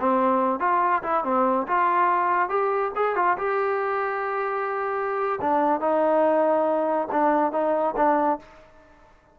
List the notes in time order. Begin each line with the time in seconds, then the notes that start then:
0.00 C4
0.60 F4
1.03 E4
1.24 C4
1.67 F4
2.49 G4
2.95 G#4
3.16 F4
3.37 G4
5.41 D4
5.80 D#4
7.11 D4
7.52 D#4
7.96 D4